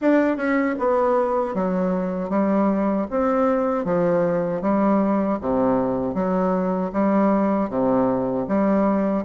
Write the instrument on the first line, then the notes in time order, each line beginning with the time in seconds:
bassoon
0.01 D4
0.36 C#4
0.78 B3
1.54 F#3
2.29 G3
3.10 C4
3.85 F3
4.62 G3
5.41 C3
6.14 F#3
6.92 G3
7.69 C3
8.48 G3